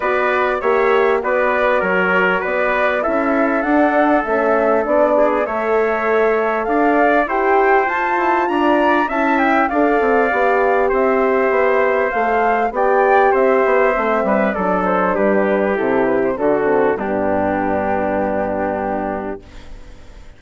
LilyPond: <<
  \new Staff \with { instrumentName = "flute" } { \time 4/4 \tempo 4 = 99 d''4 e''4 d''4 cis''4 | d''4 e''4 fis''4 e''4 | d''4 e''2 f''4 | g''4 a''4 ais''4 a''8 g''8 |
f''2 e''2 | f''4 g''4 e''2 | d''8 c''8 b'4 a'8 b'16 c''16 a'4 | g'1 | }
  \new Staff \with { instrumentName = "trumpet" } { \time 4/4 b'4 cis''4 b'4 ais'4 | b'4 a'2.~ | a'8 gis'8 cis''2 d''4 | c''2 d''4 e''4 |
d''2 c''2~ | c''4 d''4 c''4. b'8 | a'4 g'2 fis'4 | d'1 | }
  \new Staff \with { instrumentName = "horn" } { \time 4/4 fis'4 g'4 fis'2~ | fis'4 e'4 d'4 cis'4 | d'4 a'2. | g'4 f'2 e'4 |
a'4 g'2. | a'4 g'2 c'4 | d'2 e'4 d'8 c'8 | b1 | }
  \new Staff \with { instrumentName = "bassoon" } { \time 4/4 b4 ais4 b4 fis4 | b4 cis'4 d'4 a4 | b4 a2 d'4 | e'4 f'8 e'8 d'4 cis'4 |
d'8 c'8 b4 c'4 b4 | a4 b4 c'8 b8 a8 g8 | fis4 g4 c4 d4 | g,1 | }
>>